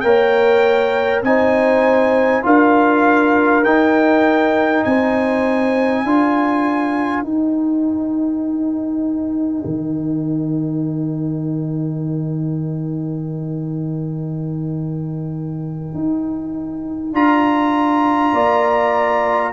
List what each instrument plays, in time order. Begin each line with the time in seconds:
0.00 tuba A#3, trombone A#4, horn C#5, trumpet G5
1.22 tuba C4, trombone D#4, horn C5, trumpet G#5
2.43 tuba D4, trombone F4, horn A#4, trumpet F5
3.63 tuba D#4, trombone D#4, trumpet G5
4.84 tuba C4, horn C5, trumpet G#5
6.04 tuba D4, trombone F4, horn A#4
7.23 tuba D#4, trombone D#4, trumpet G5
9.64 tuba D#3
15.94 tuba D#4
17.12 tuba D4, trombone F4, trumpet A#5
18.33 tuba A#3, horn D5